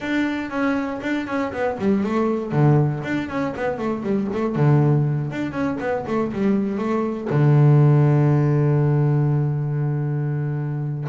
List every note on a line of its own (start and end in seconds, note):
0.00 0.50 D4
0.50 1.00 C#4
1.01 1.26 D4
1.26 1.51 C#4
1.52 1.77 B3
1.78 2.03 G3
2.03 2.52 A3
2.52 3.02 D3
3.03 3.28 D4
3.28 3.53 C#4
3.56 3.78 B3
3.78 4.02 A3
4.02 4.28 G3
4.33 4.55 A3
4.55 5.31 D3
5.31 5.52 D4
5.52 5.77 C#4
5.80 6.05 B3
6.07 6.32 A3
6.32 6.77 G3
6.77 7.28 A3
7.30 11.08 D3